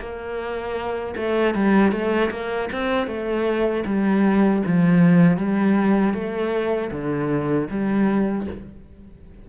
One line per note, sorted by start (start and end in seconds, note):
0.00 1.15 A#3
1.16 1.55 A3
1.55 1.92 G3
1.92 2.30 A3
2.31 2.69 A#3
2.72 3.07 C4
3.07 3.84 A3
3.86 4.63 G3
4.66 5.37 F3
5.37 6.14 G3
6.14 6.91 A3
6.92 7.69 D3
7.70 8.47 G3